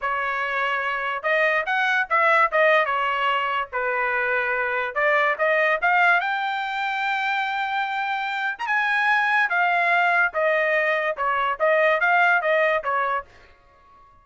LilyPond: \new Staff \with { instrumentName = "trumpet" } { \time 4/4 \tempo 4 = 145 cis''2. dis''4 | fis''4 e''4 dis''4 cis''4~ | cis''4 b'2. | d''4 dis''4 f''4 g''4~ |
g''1~ | g''8. ais''16 gis''2 f''4~ | f''4 dis''2 cis''4 | dis''4 f''4 dis''4 cis''4 | }